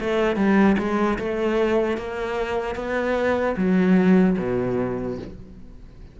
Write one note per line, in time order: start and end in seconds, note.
0.00 0.36 A3
0.36 0.76 G3
0.78 1.18 G#3
1.19 1.97 A3
1.97 2.76 A#3
2.76 3.56 B3
3.57 4.37 F#3
4.38 5.18 B2